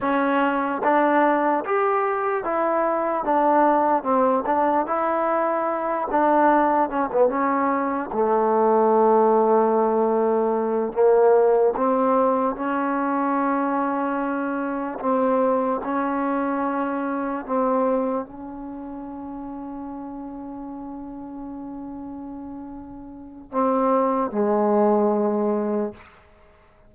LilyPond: \new Staff \with { instrumentName = "trombone" } { \time 4/4 \tempo 4 = 74 cis'4 d'4 g'4 e'4 | d'4 c'8 d'8 e'4. d'8~ | d'8 cis'16 b16 cis'4 a2~ | a4. ais4 c'4 cis'8~ |
cis'2~ cis'8 c'4 cis'8~ | cis'4. c'4 cis'4.~ | cis'1~ | cis'4 c'4 gis2 | }